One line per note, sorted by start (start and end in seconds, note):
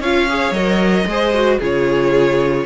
0.00 0.51 C#4
0.00 0.29 F4
0.00 1.07 C#5
0.00 0.53 F5
0.29 0.55 G#4
0.51 1.04 F#3
0.51 1.08 A#4
0.51 1.59 D#5
1.06 1.59 G#3
1.06 1.34 G#4
1.06 1.59 C5
1.34 1.60 F#4
1.59 2.65 C#3
1.59 2.65 F4
1.59 2.65 G#4
1.59 2.65 C#5